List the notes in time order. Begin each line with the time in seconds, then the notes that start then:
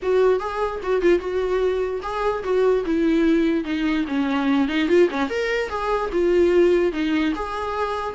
0.02 F#4
0.39 G#4
0.82 F#4
1.01 F4
1.19 F#4
2.02 G#4
2.43 F#4
2.85 E4
3.64 D#4
4.07 C#4
4.68 D#4
4.88 F4
5.10 C#4
5.29 A#4
5.69 G#4
6.12 F4
6.92 D#4
7.35 G#4